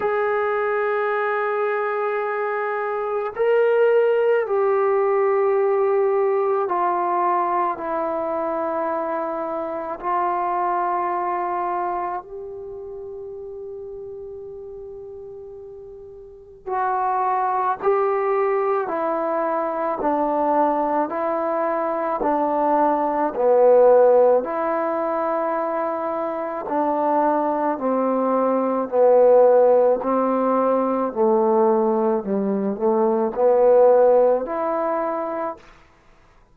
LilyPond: \new Staff \with { instrumentName = "trombone" } { \time 4/4 \tempo 4 = 54 gis'2. ais'4 | g'2 f'4 e'4~ | e'4 f'2 g'4~ | g'2. fis'4 |
g'4 e'4 d'4 e'4 | d'4 b4 e'2 | d'4 c'4 b4 c'4 | a4 g8 a8 b4 e'4 | }